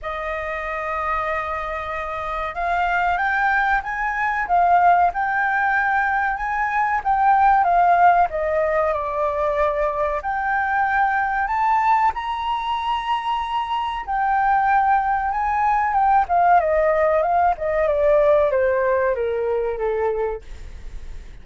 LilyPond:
\new Staff \with { instrumentName = "flute" } { \time 4/4 \tempo 4 = 94 dis''1 | f''4 g''4 gis''4 f''4 | g''2 gis''4 g''4 | f''4 dis''4 d''2 |
g''2 a''4 ais''4~ | ais''2 g''2 | gis''4 g''8 f''8 dis''4 f''8 dis''8 | d''4 c''4 ais'4 a'4 | }